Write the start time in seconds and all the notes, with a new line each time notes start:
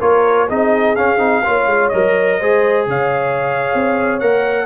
0.00 A#3 F4 A#4 C#5
0.48 C4 D#4 G#4 D#5
0.96 C#4 F5
1.18 C4 D#4
1.45 A#3 F4 C#5
1.67 G#3
1.89 F#3 A#4 D#5
2.40 G#3 G#4 C5
2.87 C#3 C#5 F5
3.74 C4
4.20 A#3 A#4 F#5